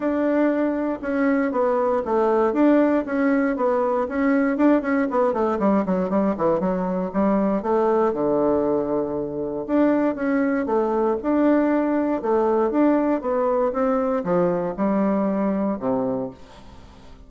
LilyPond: \new Staff \with { instrumentName = "bassoon" } { \time 4/4 \tempo 4 = 118 d'2 cis'4 b4 | a4 d'4 cis'4 b4 | cis'4 d'8 cis'8 b8 a8 g8 fis8 | g8 e8 fis4 g4 a4 |
d2. d'4 | cis'4 a4 d'2 | a4 d'4 b4 c'4 | f4 g2 c4 | }